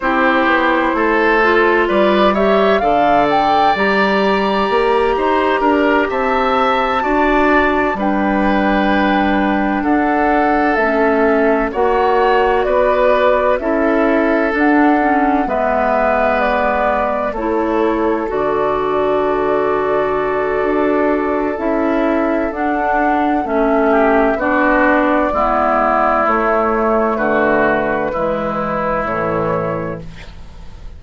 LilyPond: <<
  \new Staff \with { instrumentName = "flute" } { \time 4/4 \tempo 4 = 64 c''2 d''8 e''8 f''8 g''8 | ais''2~ ais''8 a''4.~ | a''8 g''2 fis''4 e''8~ | e''8 fis''4 d''4 e''4 fis''8~ |
fis''8 e''4 d''4 cis''4 d''8~ | d''2. e''4 | fis''4 e''4 d''2 | cis''4 b'2 cis''4 | }
  \new Staff \with { instrumentName = "oboe" } { \time 4/4 g'4 a'4 b'8 cis''8 d''4~ | d''4. c''8 ais'8 e''4 d''8~ | d''8 b'2 a'4.~ | a'8 cis''4 b'4 a'4.~ |
a'8 b'2 a'4.~ | a'1~ | a'4. g'8 fis'4 e'4~ | e'4 fis'4 e'2 | }
  \new Staff \with { instrumentName = "clarinet" } { \time 4/4 e'4. f'4 g'8 a'4 | g'2.~ g'8 fis'8~ | fis'8 d'2. cis'8~ | cis'8 fis'2 e'4 d'8 |
cis'8 b2 e'4 fis'8~ | fis'2. e'4 | d'4 cis'4 d'4 b4 | a2 gis4 e4 | }
  \new Staff \with { instrumentName = "bassoon" } { \time 4/4 c'8 b8 a4 g4 d4 | g4 ais8 dis'8 d'8 c'4 d'8~ | d'8 g2 d'4 a8~ | a8 ais4 b4 cis'4 d'8~ |
d'8 gis2 a4 d8~ | d2 d'4 cis'4 | d'4 a4 b4 gis4 | a4 d4 e4 a,4 | }
>>